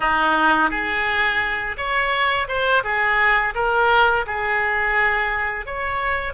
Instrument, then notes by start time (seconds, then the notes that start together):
oboe
0.00 D#4
0.70 G#4
1.76 C#5
2.47 C5
2.83 G#4
3.55 A#4
4.26 G#4
5.66 C#5